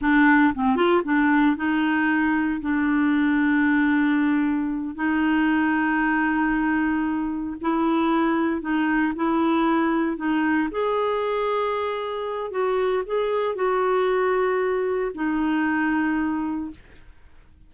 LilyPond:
\new Staff \with { instrumentName = "clarinet" } { \time 4/4 \tempo 4 = 115 d'4 c'8 f'8 d'4 dis'4~ | dis'4 d'2.~ | d'4. dis'2~ dis'8~ | dis'2~ dis'8 e'4.~ |
e'8 dis'4 e'2 dis'8~ | dis'8 gis'2.~ gis'8 | fis'4 gis'4 fis'2~ | fis'4 dis'2. | }